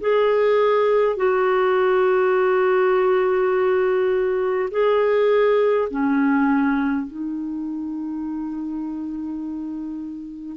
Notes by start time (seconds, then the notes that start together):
0.00 G#4
1.16 F#4
4.71 G#4
5.90 C#4
7.06 D#4